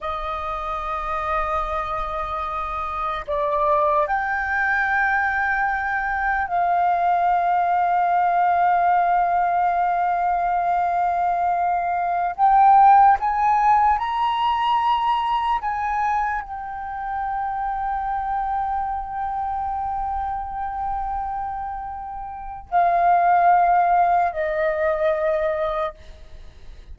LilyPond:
\new Staff \with { instrumentName = "flute" } { \time 4/4 \tempo 4 = 74 dis''1 | d''4 g''2. | f''1~ | f''2.~ f''16 g''8.~ |
g''16 gis''4 ais''2 gis''8.~ | gis''16 g''2.~ g''8.~ | g''1 | f''2 dis''2 | }